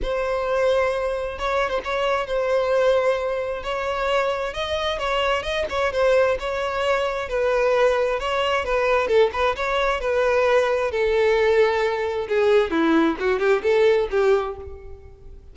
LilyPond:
\new Staff \with { instrumentName = "violin" } { \time 4/4 \tempo 4 = 132 c''2. cis''8. c''16 | cis''4 c''2. | cis''2 dis''4 cis''4 | dis''8 cis''8 c''4 cis''2 |
b'2 cis''4 b'4 | a'8 b'8 cis''4 b'2 | a'2. gis'4 | e'4 fis'8 g'8 a'4 g'4 | }